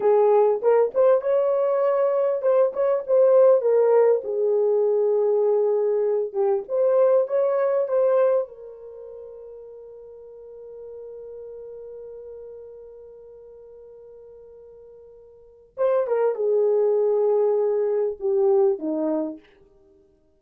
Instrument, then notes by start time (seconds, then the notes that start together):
horn
0.00 G#4
0.62 A#4
0.94 C5
1.21 C#5
2.42 C5
2.73 C#5
3.06 C5
3.61 A#4
4.24 G#4
6.32 G4
6.68 C5
7.27 C#5
7.88 C5
8.48 A#4
15.77 C5
16.07 A#4
16.35 G#4
18.19 G4
18.79 D#4